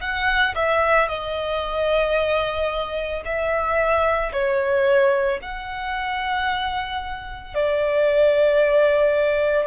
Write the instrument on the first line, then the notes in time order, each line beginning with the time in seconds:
violin
0.00 F#5
0.55 E5
1.08 D#5
3.25 E5
4.32 C#5
5.42 F#5
7.54 D5